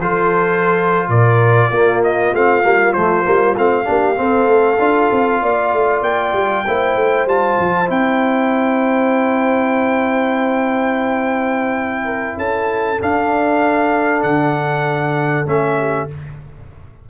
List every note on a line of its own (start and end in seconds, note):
0.00 1.08 F3
0.00 1.72 F4
0.00 1.09 A4
0.00 1.09 C5
1.08 1.70 A#2
1.08 1.69 A#4
1.08 2.02 D5
1.69 2.32 A#3
1.69 2.34 A#3
1.69 3.85 F4
2.03 2.34 D#5
2.33 2.64 A3
2.33 2.62 C4
2.33 2.93 F5
2.62 2.94 G3
2.62 2.93 A#3
2.93 3.25 F3
2.93 3.24 A3
2.93 3.55 C5
3.24 3.56 G3
3.24 3.55 A#3
3.56 3.87 A3
3.56 3.84 C4
3.56 6.03 F5
3.84 4.19 A#3
3.84 4.15 D4
3.84 4.19 G4
4.15 4.77 C4
4.15 4.47 C4
4.15 5.41 A4
4.47 4.78 A3
4.79 5.10 D4
4.79 6.65 F4
5.11 5.42 C4
5.41 5.73 A#3
5.41 6.65 D5
5.73 6.02 A3
6.02 6.32 A#3
6.02 7.27 G5
6.32 6.63 G3
6.65 6.95 A#3
6.65 7.28 E4
6.65 12.04 C5
6.95 7.26 A3
7.26 7.56 G3
7.26 7.86 F4
7.26 7.90 A5
7.59 7.90 F3
7.86 12.37 C4
7.86 12.97 E4
7.86 12.38 G5
12.04 12.35 A#4
12.37 12.99 C#4
12.37 15.77 A4
12.37 13.00 A5
13.01 15.46 D4
13.01 14.23 D4
13.01 14.22 F5
14.22 15.46 D3
14.22 15.46 F#5
15.46 16.08 A3
15.46 16.08 C#4
15.46 16.09 E5
15.77 16.08 G4